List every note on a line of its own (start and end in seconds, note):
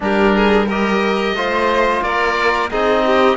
0.00 1.33 G3
0.00 0.67 D4
0.00 0.35 G4
0.00 0.69 A#4
0.35 0.66 G#4
0.66 1.36 G4
0.66 1.34 A#4
0.66 2.02 D#5
1.33 2.00 A3
1.33 2.70 F4
1.33 2.03 C5
2.02 2.70 A#3
2.02 2.70 A#4
2.02 2.70 D5
2.70 3.36 C4
2.70 3.36 D#4
2.70 3.04 G#4
2.70 3.36 D#5
3.05 3.36 G4